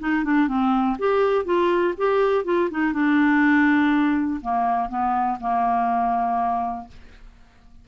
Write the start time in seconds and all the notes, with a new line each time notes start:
0.00 D#4
0.25 D4
0.48 C4
0.99 G4
1.46 F4
1.98 G4
2.45 F4
2.71 D#4
2.93 D4
4.42 A#3
4.90 B3
5.41 A#3